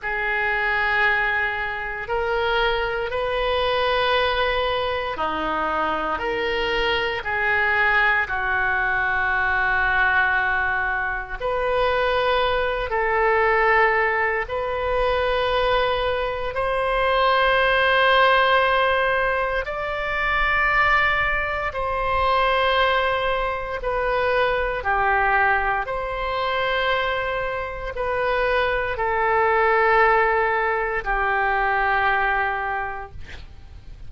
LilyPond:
\new Staff \with { instrumentName = "oboe" } { \time 4/4 \tempo 4 = 58 gis'2 ais'4 b'4~ | b'4 dis'4 ais'4 gis'4 | fis'2. b'4~ | b'8 a'4. b'2 |
c''2. d''4~ | d''4 c''2 b'4 | g'4 c''2 b'4 | a'2 g'2 | }